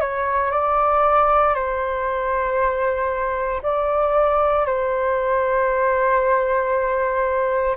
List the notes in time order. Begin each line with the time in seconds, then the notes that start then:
0.00 C#5
0.51 D5
1.54 C5
3.62 D5
4.66 C5